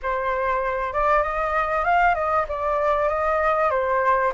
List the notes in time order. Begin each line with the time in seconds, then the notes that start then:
0.02 C5
0.93 D5
1.23 D#5
1.84 F5
2.15 D#5
2.48 D5
3.08 D#5
3.70 C5